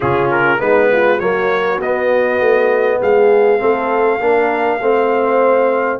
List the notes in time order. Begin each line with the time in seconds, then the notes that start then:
0.00 C#3 C#4 F4 G#4
0.31 A#4
0.58 G#3 B3 D#4 B4
0.92 F4
1.19 F#3 A#3 F#4 C#5
1.80 B3 D#5
2.40 A3
3.01 G#3 G#4 F5
3.59 A3 C4 A4
4.19 A#3 D4 A#4
4.80 A3 C4 C5